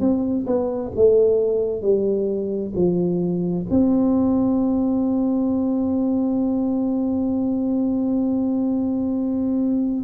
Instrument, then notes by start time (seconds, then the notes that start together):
tuba
0.00 C4
0.46 B3
0.95 A3
1.81 G3
2.75 F3
3.70 C4